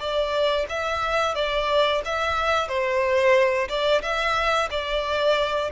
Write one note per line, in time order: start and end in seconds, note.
0.00 0.67 D5
0.69 1.35 E5
1.35 2.02 D5
2.05 2.68 E5
2.68 3.68 C5
3.69 4.02 D5
4.02 4.69 E5
4.71 5.71 D5